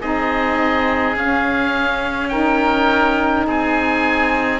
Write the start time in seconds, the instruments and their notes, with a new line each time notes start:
0.00 cello C4, saxophone D#4, oboe G#4 D#5
1.16 cello C#4, saxophone C#4, oboe F5
2.28 saxophone D#4, oboe A#4 G5
3.47 cello C4, oboe G#4 G#5